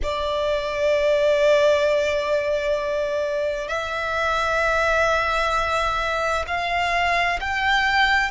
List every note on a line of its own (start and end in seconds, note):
0.03 3.68 D5
3.68 6.44 E5
6.47 7.39 F5
7.40 8.30 G5